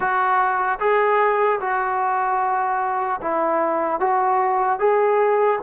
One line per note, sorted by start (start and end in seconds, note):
0.00 0.79 F#4
0.79 1.59 G#4
1.60 3.20 F#4
3.21 4.00 E4
4.00 4.79 F#4
4.79 5.59 G#4